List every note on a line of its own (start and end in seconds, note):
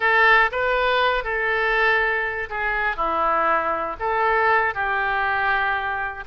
0.00 0.50 A4
0.51 1.24 B4
1.24 2.49 A4
2.49 2.96 G#4
2.96 3.96 E4
3.99 4.74 A4
4.74 6.24 G4